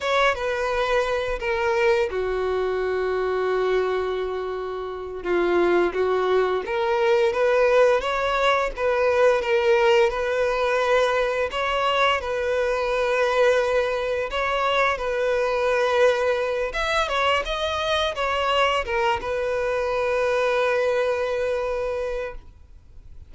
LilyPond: \new Staff \with { instrumentName = "violin" } { \time 4/4 \tempo 4 = 86 cis''8 b'4. ais'4 fis'4~ | fis'2.~ fis'8 f'8~ | f'8 fis'4 ais'4 b'4 cis''8~ | cis''8 b'4 ais'4 b'4.~ |
b'8 cis''4 b'2~ b'8~ | b'8 cis''4 b'2~ b'8 | e''8 cis''8 dis''4 cis''4 ais'8 b'8~ | b'1 | }